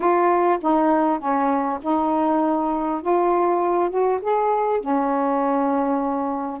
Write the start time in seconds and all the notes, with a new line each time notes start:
0.00 F4
0.61 D#4
1.19 C#4
1.81 D#4
3.01 F4
3.89 F#4
4.21 G#4
4.80 C#4